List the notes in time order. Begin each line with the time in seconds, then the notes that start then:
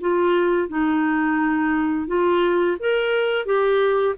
0.00 F4
0.68 D#4
2.07 F4
2.79 A#4
3.45 G4